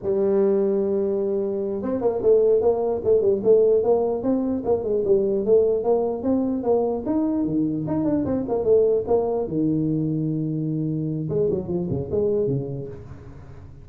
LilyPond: \new Staff \with { instrumentName = "tuba" } { \time 4/4 \tempo 4 = 149 g1~ | g8 c'8 ais8 a4 ais4 a8 | g8 a4 ais4 c'4 ais8 | gis8 g4 a4 ais4 c'8~ |
c'8 ais4 dis'4 dis4 dis'8 | d'8 c'8 ais8 a4 ais4 dis8~ | dis1 | gis8 fis8 f8 cis8 gis4 cis4 | }